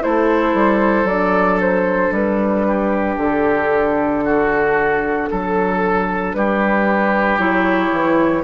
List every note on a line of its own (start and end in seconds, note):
0.00 0.54 A3
0.00 1.05 E4
0.00 2.67 A4
0.00 1.06 C5
0.54 1.04 G3
1.04 2.09 F#3
1.04 7.37 D4
1.04 1.59 D5
1.60 2.13 C5
2.11 3.16 G3
2.11 3.18 B4
2.67 4.24 G4
3.17 5.27 D3
3.17 6.33 A4
4.24 5.29 F#4
5.30 6.34 F#3
5.30 6.36 A4
6.33 7.38 G3
6.33 8.44 G4
6.33 7.38 B4
7.38 7.91 F#3
7.38 8.43 E4
7.38 8.44 C#5
7.91 8.44 E3